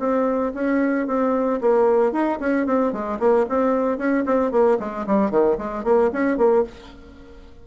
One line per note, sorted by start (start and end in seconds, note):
0.00 0.53 C4
0.55 1.07 C#4
1.07 1.60 C4
1.61 2.13 A#3
2.13 2.39 D#4
2.40 2.67 C#4
2.67 2.93 C4
2.93 3.20 G#3
3.20 3.46 A#3
3.49 3.98 C4
3.98 4.25 C#4
4.26 4.52 C4
4.52 4.78 A#3
4.80 5.06 G#3
5.07 5.31 G3
5.31 5.57 D#3
5.58 5.84 G#3
5.84 6.11 A#3
6.13 6.38 C#4
6.38 6.64 A#3